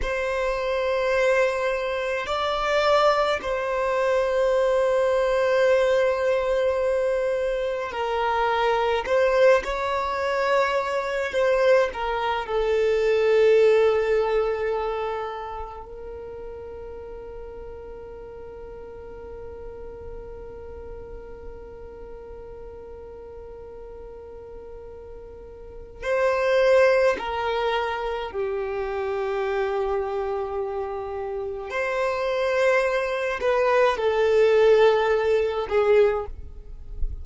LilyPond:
\new Staff \with { instrumentName = "violin" } { \time 4/4 \tempo 4 = 53 c''2 d''4 c''4~ | c''2. ais'4 | c''8 cis''4. c''8 ais'8 a'4~ | a'2 ais'2~ |
ais'1~ | ais'2. c''4 | ais'4 g'2. | c''4. b'8 a'4. gis'8 | }